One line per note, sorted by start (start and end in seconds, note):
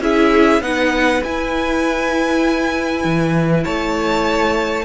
0.00 0.61 C#4
0.00 0.62 E4
0.00 0.62 G#4
0.00 0.62 E5
0.61 1.21 B3
0.61 1.22 D#4
0.61 3.64 B4
0.61 1.23 F#5
1.23 3.04 E4
1.23 4.84 E4
1.23 3.64 G#5
3.04 3.65 E3
3.64 4.84 A3
3.64 4.84 C#5
3.64 4.84 A5